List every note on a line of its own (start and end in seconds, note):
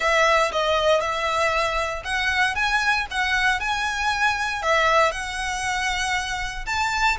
0.00 0.51 E5
0.52 1.00 D#5
1.00 2.03 E5
2.04 2.55 F#5
2.55 3.06 G#5
3.10 3.59 F#5
3.59 4.62 G#5
4.62 5.11 E5
5.11 6.65 F#5
6.66 7.17 A5